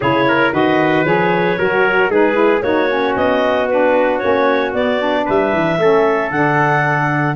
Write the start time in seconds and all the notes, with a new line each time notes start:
0.00 C#3 E4 G#4 C#5
0.28 A#4
0.52 D#3 F#4 B4 D#5
1.04 F3 G#4 C#5
1.58 F#3 F#4 A#4
2.09 G#3 D#4 G#4 B4
2.33 E4
2.62 A#3 D#4 F#4 C#5
2.88 C#4
3.15 B3 D#5
3.69 D4 B4
4.18 A#3 C#4 C#5
4.73 B3 D5
4.98 D4
5.25 G3 B4 E5
5.53 E3
5.78 A3 C#4 A4
6.30 D3 D4 F#5